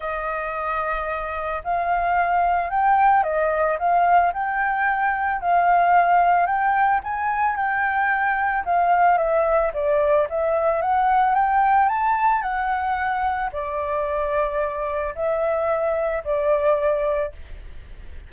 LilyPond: \new Staff \with { instrumentName = "flute" } { \time 4/4 \tempo 4 = 111 dis''2. f''4~ | f''4 g''4 dis''4 f''4 | g''2 f''2 | g''4 gis''4 g''2 |
f''4 e''4 d''4 e''4 | fis''4 g''4 a''4 fis''4~ | fis''4 d''2. | e''2 d''2 | }